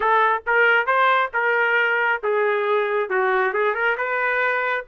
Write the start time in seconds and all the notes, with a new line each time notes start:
0.00 A4
0.46 A#4
0.86 C5
1.33 A#4
2.23 G#4
3.09 F#4
3.53 G#4
3.74 A#4
3.97 B4